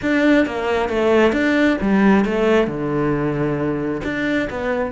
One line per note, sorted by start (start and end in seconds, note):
0.02 0.46 D4
0.46 0.89 A#3
0.89 1.32 A3
1.32 1.77 D4
1.81 2.24 G3
2.24 2.67 A3
2.67 4.01 D3
4.03 4.48 D4
4.50 4.92 B3